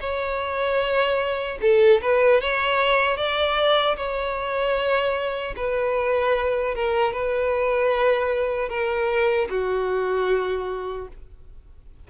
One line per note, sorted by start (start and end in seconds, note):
0.00 1.58 C#5
1.61 2.01 A4
2.02 2.41 B4
2.41 3.17 C#5
3.17 3.96 D5
3.97 5.54 C#5
5.56 6.75 B4
6.75 7.13 A#4
7.13 8.69 B4
8.69 9.48 A#4
9.50 11.07 F#4